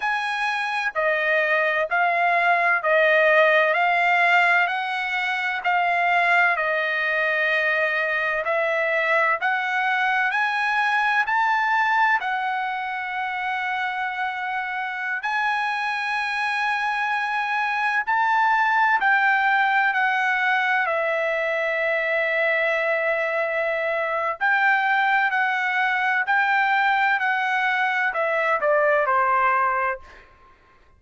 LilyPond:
\new Staff \with { instrumentName = "trumpet" } { \time 4/4 \tempo 4 = 64 gis''4 dis''4 f''4 dis''4 | f''4 fis''4 f''4 dis''4~ | dis''4 e''4 fis''4 gis''4 | a''4 fis''2.~ |
fis''16 gis''2. a''8.~ | a''16 g''4 fis''4 e''4.~ e''16~ | e''2 g''4 fis''4 | g''4 fis''4 e''8 d''8 c''4 | }